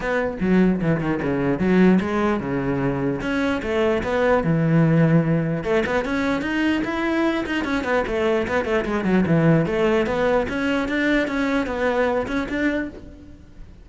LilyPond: \new Staff \with { instrumentName = "cello" } { \time 4/4 \tempo 4 = 149 b4 fis4 e8 dis8 cis4 | fis4 gis4 cis2 | cis'4 a4 b4 e4~ | e2 a8 b8 cis'4 |
dis'4 e'4. dis'8 cis'8 b8 | a4 b8 a8 gis8 fis8 e4 | a4 b4 cis'4 d'4 | cis'4 b4. cis'8 d'4 | }